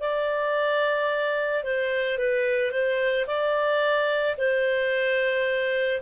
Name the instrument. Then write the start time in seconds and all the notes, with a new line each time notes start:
clarinet
0.00 D5
1.64 C5
2.18 B4
2.71 C5
3.27 D5
4.38 C5